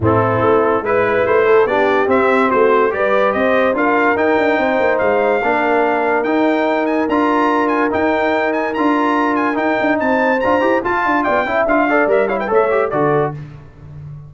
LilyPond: <<
  \new Staff \with { instrumentName = "trumpet" } { \time 4/4 \tempo 4 = 144 a'2 b'4 c''4 | d''4 e''4 c''4 d''4 | dis''4 f''4 g''2 | f''2. g''4~ |
g''8 gis''8 ais''4. gis''8 g''4~ | g''8 gis''8 ais''4. gis''8 g''4 | a''4 ais''4 a''4 g''4 | f''4 e''8 f''16 g''16 e''4 d''4 | }
  \new Staff \with { instrumentName = "horn" } { \time 4/4 e'2 b'4. a'8 | g'2 fis'4 b'4 | c''4 ais'2 c''4~ | c''4 ais'2.~ |
ais'1~ | ais'1 | c''2 f''4 d''8 e''8~ | e''8 d''4 cis''16 b'16 cis''4 a'4 | }
  \new Staff \with { instrumentName = "trombone" } { \time 4/4 c'2 e'2 | d'4 c'2 g'4~ | g'4 f'4 dis'2~ | dis'4 d'2 dis'4~ |
dis'4 f'2 dis'4~ | dis'4 f'2 dis'4~ | dis'4 f'8 g'8 f'4. e'8 | f'8 a'8 ais'8 e'8 a'8 g'8 fis'4 | }
  \new Staff \with { instrumentName = "tuba" } { \time 4/4 a,4 a4 gis4 a4 | b4 c'4 a4 g4 | c'4 d'4 dis'8 d'8 c'8 ais8 | gis4 ais2 dis'4~ |
dis'4 d'2 dis'4~ | dis'4 d'2 dis'8 d'8 | c'4 d'8 e'8 f'8 d'8 b8 cis'8 | d'4 g4 a4 d4 | }
>>